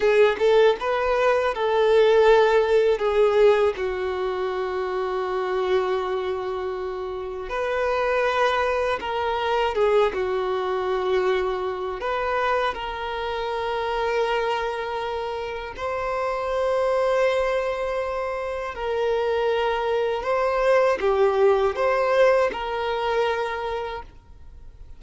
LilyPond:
\new Staff \with { instrumentName = "violin" } { \time 4/4 \tempo 4 = 80 gis'8 a'8 b'4 a'2 | gis'4 fis'2.~ | fis'2 b'2 | ais'4 gis'8 fis'2~ fis'8 |
b'4 ais'2.~ | ais'4 c''2.~ | c''4 ais'2 c''4 | g'4 c''4 ais'2 | }